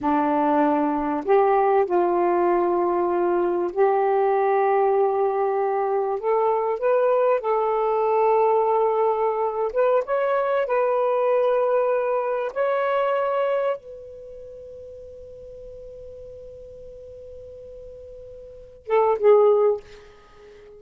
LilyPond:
\new Staff \with { instrumentName = "saxophone" } { \time 4/4 \tempo 4 = 97 d'2 g'4 f'4~ | f'2 g'2~ | g'2 a'4 b'4 | a'2.~ a'8. b'16~ |
b'16 cis''4 b'2~ b'8.~ | b'16 cis''2 b'4.~ b'16~ | b'1~ | b'2~ b'8 a'8 gis'4 | }